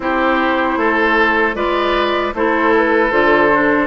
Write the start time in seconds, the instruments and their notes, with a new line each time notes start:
0.00 bassoon C4, clarinet E4, oboe G4, flute C5
0.76 bassoon A3, oboe A4
1.54 bassoon G#3, clarinet F4, oboe B4, flute D5
2.34 bassoon A3, clarinet E4, oboe A4, flute C5
2.76 flute B4
3.10 bassoon D3, clarinet F4, flute C5
3.52 clarinet D4